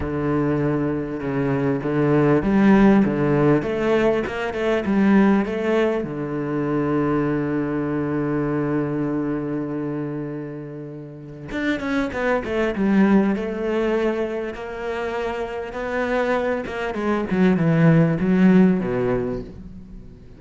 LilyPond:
\new Staff \with { instrumentName = "cello" } { \time 4/4 \tempo 4 = 99 d2 cis4 d4 | g4 d4 a4 ais8 a8 | g4 a4 d2~ | d1~ |
d2. d'8 cis'8 | b8 a8 g4 a2 | ais2 b4. ais8 | gis8 fis8 e4 fis4 b,4 | }